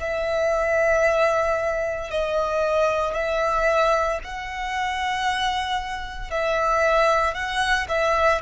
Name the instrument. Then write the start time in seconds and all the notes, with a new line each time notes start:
violin
0.00 E5
2.10 D#5
3.14 E5
4.23 F#5
6.30 E5
7.33 F#5
7.89 E5